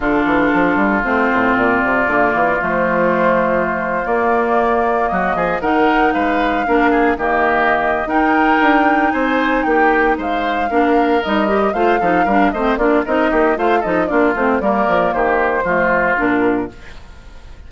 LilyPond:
<<
  \new Staff \with { instrumentName = "flute" } { \time 4/4 \tempo 4 = 115 a'2 c''4 d''4~ | d''4 c''2~ c''8. d''16~ | d''4.~ d''16 dis''4 fis''4 f''16~ | f''4.~ f''16 dis''4.~ dis''16 g''8~ |
g''4. gis''4 g''4 f''8~ | f''4. dis''4 f''4. | dis''8 d''8 dis''4 f''8 dis''8 d''8 c''8 | d''4 c''2 ais'4 | }
  \new Staff \with { instrumentName = "oboe" } { \time 4/4 f'1~ | f'1~ | f'4.~ f'16 fis'8 gis'8 ais'4 b'16~ | b'8. ais'8 gis'8 g'4.~ g'16 ais'8~ |
ais'4. c''4 g'4 c''8~ | c''8 ais'2 c''8 a'8 ais'8 | c''8 f'8 ais'8 g'8 c''8 a'8 f'4 | ais'4 g'4 f'2 | }
  \new Staff \with { instrumentName = "clarinet" } { \time 4/4 d'2 c'2 | ais4 a2~ a8. ais16~ | ais2~ ais8. dis'4~ dis'16~ | dis'8. d'4 ais4.~ ais16 dis'8~ |
dis'1~ | dis'8 d'4 dis'8 g'8 f'8 dis'8 d'8 | c'8 d'8 dis'4 f'8 dis'8 d'8 c'8 | ais2 a4 d'4 | }
  \new Staff \with { instrumentName = "bassoon" } { \time 4/4 d8 e8 f8 g8 a8 a,8 ais,8 c8 | d8 e8 f2~ f8. ais16~ | ais4.~ ais16 fis8 f8 dis4 gis16~ | gis8. ais4 dis4.~ dis16 dis'8~ |
dis'8 d'4 c'4 ais4 gis8~ | gis8 ais4 g4 a8 f8 g8 | a8 ais8 c'8 ais8 a8 f8 ais8 a8 | g8 f8 dis4 f4 ais,4 | }
>>